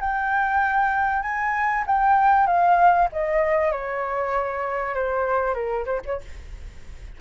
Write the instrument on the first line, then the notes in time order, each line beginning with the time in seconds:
flute
0.00 G5
1.22 G#5
1.86 G5
2.46 F5
3.12 D#5
3.71 C#5
4.94 C5
5.54 A#4
5.85 C5
6.05 C#5